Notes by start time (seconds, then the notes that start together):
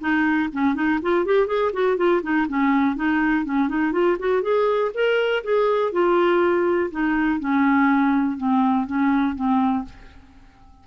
0.00 D#4
0.52 C#4
0.74 D#4
1.02 F4
1.25 G4
1.47 G#4
1.73 F#4
1.97 F4
2.22 D#4
2.48 C#4
2.95 D#4
3.45 C#4
3.69 D#4
3.92 F4
4.19 F#4
4.42 G#4
4.94 A#4
5.44 G#4
5.92 F4
6.91 D#4
7.40 C#4
8.37 C4
8.86 C#4
9.35 C4